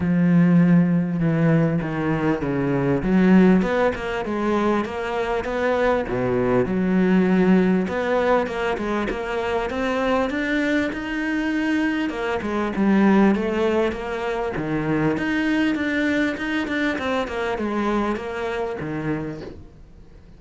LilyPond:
\new Staff \with { instrumentName = "cello" } { \time 4/4 \tempo 4 = 99 f2 e4 dis4 | cis4 fis4 b8 ais8 gis4 | ais4 b4 b,4 fis4~ | fis4 b4 ais8 gis8 ais4 |
c'4 d'4 dis'2 | ais8 gis8 g4 a4 ais4 | dis4 dis'4 d'4 dis'8 d'8 | c'8 ais8 gis4 ais4 dis4 | }